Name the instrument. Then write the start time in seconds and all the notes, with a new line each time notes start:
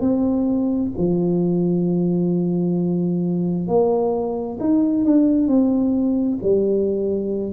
tuba
0.00 C4
0.98 F3
3.67 A#3
4.60 D#4
5.05 D4
5.48 C4
6.42 G3